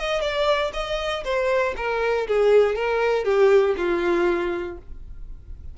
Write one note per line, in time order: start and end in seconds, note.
0.00 0.22 D#5
0.22 0.72 D5
0.74 1.24 D#5
1.25 1.75 C5
1.77 2.28 A#4
2.28 2.76 G#4
2.76 3.25 A#4
3.25 3.75 G4
3.78 4.79 F4